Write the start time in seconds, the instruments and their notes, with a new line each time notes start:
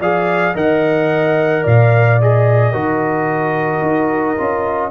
0.00 tuba F3, trombone G#4, horn D5, trumpet F5
0.55 tuba D#3, trombone A#4, horn D#5, trumpet F#5
1.64 tuba A#2, horn D5, trumpet F5
2.22 trombone G#4, trumpet D#5
2.73 tuba D#3, trombone F#4, horn A#4
3.82 tuba D#4
4.38 tuba C#4, trombone F4